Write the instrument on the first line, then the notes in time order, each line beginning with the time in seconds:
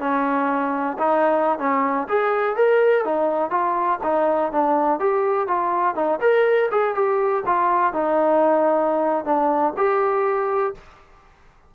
trombone
0.00 C#4
0.99 D#4
1.59 C#4
2.09 G#4
2.57 A#4
3.05 D#4
3.51 F4
4.04 D#4
4.53 D4
5.00 G4
5.48 F4
5.96 D#4
6.21 A#4
6.71 G#4
6.95 G4
7.47 F4
7.94 D#4
9.25 D4
9.77 G4